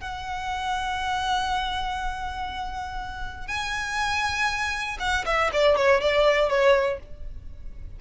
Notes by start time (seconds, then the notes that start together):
0.00 F#5
3.47 G#5
4.99 F#5
5.25 E5
5.52 D5
5.76 C#5
6.00 D5
6.49 C#5